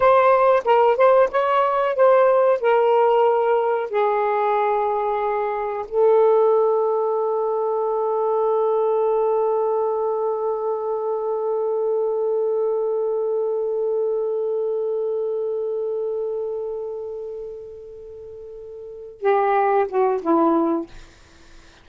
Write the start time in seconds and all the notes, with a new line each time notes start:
0.00 C5
0.64 A#4
0.96 C5
1.31 C#5
1.95 C5
2.60 A#4
3.90 G#4
5.88 A4
19.21 G4
19.88 F#4
20.21 E4